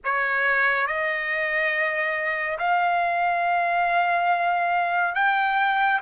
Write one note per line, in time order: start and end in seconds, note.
0.04 0.86 C#5
0.86 2.58 D#5
2.58 5.14 F5
5.14 6.00 G5